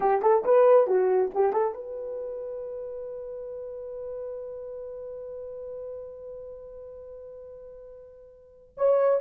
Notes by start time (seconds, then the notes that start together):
0.00 G4
0.22 A4
0.44 B4
0.87 F#4
1.34 G4
1.52 A4
1.74 B4
8.77 C#5